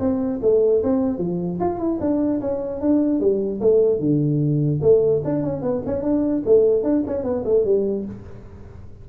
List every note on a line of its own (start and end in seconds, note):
0.00 0.40 C4
0.42 0.83 A3
0.84 1.18 C4
1.18 1.59 F3
1.60 1.79 F4
1.79 1.99 E4
2.01 2.41 D4
2.41 2.81 C#4
2.81 3.20 D4
3.20 3.61 G3
3.61 4.00 A3
4.00 4.80 D3
4.82 5.22 A3
5.25 5.43 D4
5.43 5.62 C#4
5.62 5.82 B3
5.86 6.03 C#4
6.03 6.43 D4
6.46 6.83 A3
6.83 7.04 D4
7.07 7.24 C#4
7.24 7.44 B3
7.45 7.65 A3
7.65 8.06 G3